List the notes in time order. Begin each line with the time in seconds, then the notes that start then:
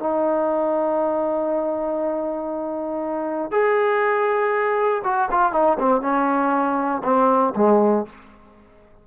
0.00 D#4
3.52 G#4
5.05 F#4
5.32 F4
5.53 D#4
5.80 C4
6.01 C#4
7.04 C4
7.56 G#3